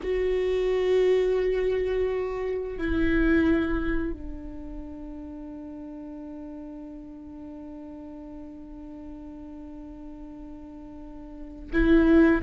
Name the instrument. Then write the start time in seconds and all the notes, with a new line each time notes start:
viola
0.02 F#4
2.77 E4
4.13 D4
11.72 E4